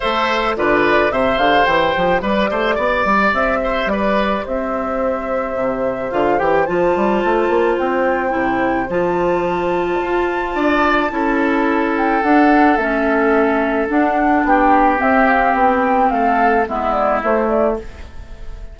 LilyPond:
<<
  \new Staff \with { instrumentName = "flute" } { \time 4/4 \tempo 4 = 108 e''4 d''4 e''8 f''8 g''4 | d''2 e''4 d''4 | e''2. f''8 g''8 | a''2 g''2 |
a''1~ | a''4. g''8 fis''4 e''4~ | e''4 fis''4 g''4 e''8 f''8 | g''4 f''4 e''8 d''8 c''8 d''8 | }
  \new Staff \with { instrumentName = "oboe" } { \time 4/4 c''4 b'4 c''2 | b'8 c''8 d''4. c''8 b'4 | c''1~ | c''1~ |
c''2. d''4 | a'1~ | a'2 g'2~ | g'4 a'4 e'2 | }
  \new Staff \with { instrumentName = "clarinet" } { \time 4/4 a'4 f'4 g'2~ | g'1~ | g'2. f'8 g'8 | f'2. e'4 |
f'1 | e'2 d'4 cis'4~ | cis'4 d'2 c'4~ | c'2 b4 a4 | }
  \new Staff \with { instrumentName = "bassoon" } { \time 4/4 a4 d4 c8 d8 e8 f8 | g8 a8 b8 g8 c'4 g4 | c'2 c4 d8 e8 | f8 g8 a8 ais8 c'4 c4 |
f2 f'4 d'4 | cis'2 d'4 a4~ | a4 d'4 b4 c'4 | b4 a4 gis4 a4 | }
>>